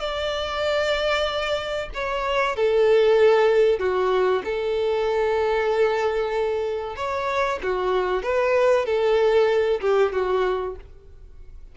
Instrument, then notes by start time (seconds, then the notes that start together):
violin
0.00 D5
1.95 C#5
2.57 A4
3.80 F#4
4.45 A4
6.96 C#5
7.63 F#4
8.23 B4
8.86 A4
9.82 G4
10.13 F#4